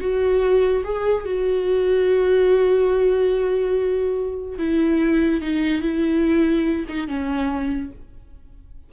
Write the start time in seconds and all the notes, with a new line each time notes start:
0.00 F#4
0.84 G#4
1.25 F#4
4.58 E4
5.41 D#4
5.81 E4
6.88 D#4
7.07 C#4